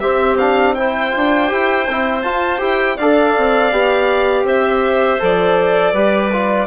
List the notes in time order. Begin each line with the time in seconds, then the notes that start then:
0.00 C4 G4 E5
0.38 D4 F5
0.75 E4 C5 G5
1.11 D4 F4
1.48 E4 G4
1.88 C4 E4
2.21 F4 A5
2.59 E4 G4 G5
2.96 D4 A4 D5 F5
3.37 C4
3.72 B3 G4
4.44 C4 C5 E5
5.19 F3 A4 D5
5.93 G3 G4 B4
6.33 F4